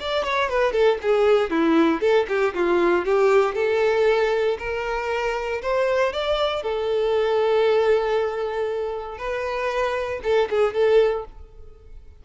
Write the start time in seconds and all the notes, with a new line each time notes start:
0.00 D5
0.24 C#5
0.49 B4
0.73 A4
1.02 G#4
1.51 E4
2.01 A4
2.29 G4
2.55 F4
3.05 G4
3.55 A4
4.59 A#4
5.62 C5
6.13 D5
6.63 A4
9.18 B4
10.23 A4
10.50 G#4
10.74 A4